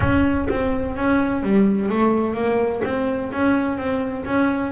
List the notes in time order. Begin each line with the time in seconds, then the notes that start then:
0.00 C#4
0.49 C4
0.96 C#4
1.42 G3
1.89 A3
2.34 A#3
2.84 C4
3.32 C#4
3.77 C4
4.25 C#4